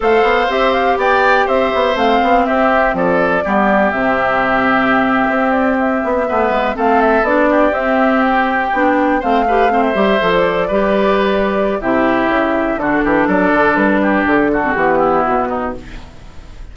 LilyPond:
<<
  \new Staff \with { instrumentName = "flute" } { \time 4/4 \tempo 4 = 122 f''4 e''8 f''8 g''4 e''4 | f''4 e''4 d''2 | e''2.~ e''16 d''8 e''16~ | e''4.~ e''16 f''8 e''8 d''4 e''16~ |
e''8. g''2 f''4~ f''16 | e''4 d''2. | e''2 a'4 d''4 | b'4 a'4 g'4 fis'4 | }
  \new Staff \with { instrumentName = "oboe" } { \time 4/4 c''2 d''4 c''4~ | c''4 g'4 a'4 g'4~ | g'1~ | g'8. b'4 a'4. g'8.~ |
g'2~ g'8. c''8 b'8 c''16~ | c''4.~ c''16 b'2~ b'16 | g'2 fis'8 g'8 a'4~ | a'8 g'4 fis'4 e'4 dis'8 | }
  \new Staff \with { instrumentName = "clarinet" } { \time 4/4 a'4 g'2. | c'2. b4 | c'1~ | c'8. b4 c'4 d'4 c'16~ |
c'4.~ c'16 d'4 c'8 g'8 c'16~ | c'16 g'8 a'4 g'2~ g'16 | e'2 d'2~ | d'4.~ d'16 c'16 b2 | }
  \new Staff \with { instrumentName = "bassoon" } { \time 4/4 a8 b8 c'4 b4 c'8 b8 | a8 b8 c'4 f4 g4 | c2~ c8. c'4~ c'16~ | c'16 b8 a8 gis8 a4 b4 c'16~ |
c'4.~ c'16 b4 a4~ a16~ | a16 g8 f4 g2~ g16 | c4 cis4 d8 e8 fis8 d8 | g4 d4 e4 b,4 | }
>>